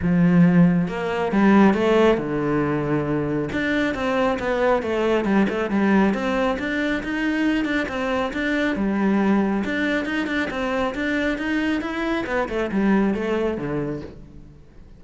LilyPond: \new Staff \with { instrumentName = "cello" } { \time 4/4 \tempo 4 = 137 f2 ais4 g4 | a4 d2. | d'4 c'4 b4 a4 | g8 a8 g4 c'4 d'4 |
dis'4. d'8 c'4 d'4 | g2 d'4 dis'8 d'8 | c'4 d'4 dis'4 e'4 | b8 a8 g4 a4 d4 | }